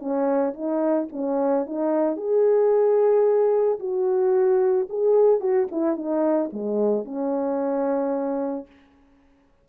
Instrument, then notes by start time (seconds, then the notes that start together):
horn
0.00 C#4
0.54 D#4
1.13 C#4
1.66 D#4
2.17 G#4
3.80 F#4
4.90 G#4
5.41 F#4
5.72 E4
5.97 D#4
6.53 G#3
7.05 C#4